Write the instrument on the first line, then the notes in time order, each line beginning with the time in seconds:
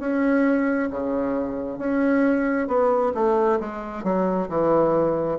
bassoon
0.00 C#4
0.91 C#3
1.79 C#4
2.68 B3
3.15 A3
3.60 G#3
4.04 F#3
4.49 E3